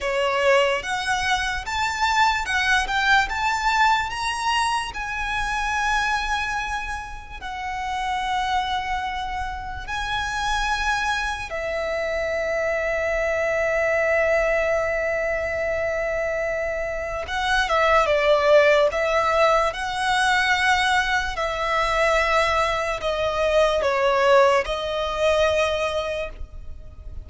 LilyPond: \new Staff \with { instrumentName = "violin" } { \time 4/4 \tempo 4 = 73 cis''4 fis''4 a''4 fis''8 g''8 | a''4 ais''4 gis''2~ | gis''4 fis''2. | gis''2 e''2~ |
e''1~ | e''4 fis''8 e''8 d''4 e''4 | fis''2 e''2 | dis''4 cis''4 dis''2 | }